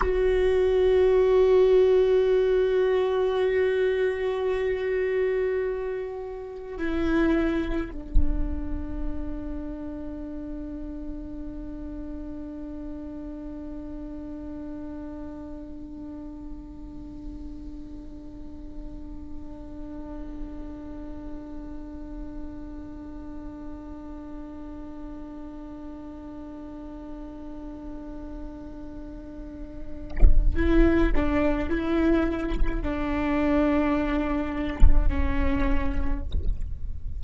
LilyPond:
\new Staff \with { instrumentName = "viola" } { \time 4/4 \tempo 4 = 53 fis'1~ | fis'2 e'4 d'4~ | d'1~ | d'1~ |
d'1~ | d'1~ | d'2. e'8 d'8 | e'4 d'2 cis'4 | }